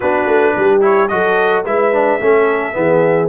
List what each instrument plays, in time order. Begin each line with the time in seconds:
0.00 tuba B3, trombone D4, horn F#4, trumpet B4
0.25 tuba A3
0.56 tuba G3, horn G4
0.81 trombone E4, trumpet C#5
1.08 tuba F#3, trombone F#4, horn A4, trumpet D#5
1.64 tuba G#3, trombone E4, horn B4, trumpet E5
1.92 trombone D4
2.20 tuba A3, trombone C#4, horn A4
2.72 tuba E3, trombone B3, horn G#4